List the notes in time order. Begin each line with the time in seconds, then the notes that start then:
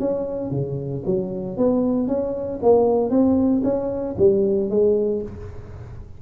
0.00 C#4
0.51 C#3
1.06 F#3
1.57 B3
2.08 C#4
2.63 A#3
3.10 C4
3.64 C#4
4.18 G3
4.70 G#3